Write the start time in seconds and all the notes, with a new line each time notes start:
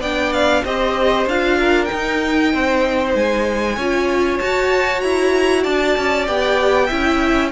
0.00 B3 D4 D5 G5
0.33 F5
0.64 C4 G4 C5 D#5
1.26 D4 F4 F5
1.60 A#4
1.85 D#4 G5
1.92 D#4
2.53 C4 C5
3.15 G#3 G#5
3.76 C#4 F4 C#5
4.39 F#4 A5
5.01 E4 A#5
5.63 D4 D5 A5
5.98 C#4
6.26 B3 G4 G5
6.86 C#4 E4 E5